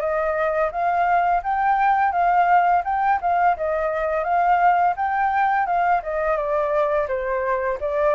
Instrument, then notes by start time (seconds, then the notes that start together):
flute
0.00 D#5
0.72 F5
1.43 G5
2.12 F5
2.85 G5
3.21 F5
3.57 D#5
4.24 F5
4.97 G5
5.67 F5
6.03 D#5
6.37 D5
7.08 C5
7.81 D5